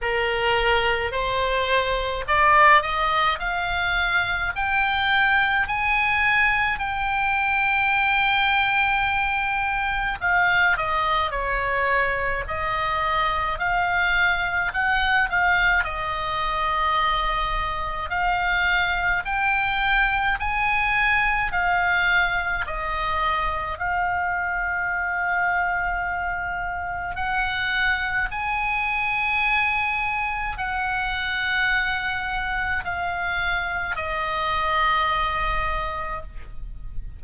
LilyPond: \new Staff \with { instrumentName = "oboe" } { \time 4/4 \tempo 4 = 53 ais'4 c''4 d''8 dis''8 f''4 | g''4 gis''4 g''2~ | g''4 f''8 dis''8 cis''4 dis''4 | f''4 fis''8 f''8 dis''2 |
f''4 g''4 gis''4 f''4 | dis''4 f''2. | fis''4 gis''2 fis''4~ | fis''4 f''4 dis''2 | }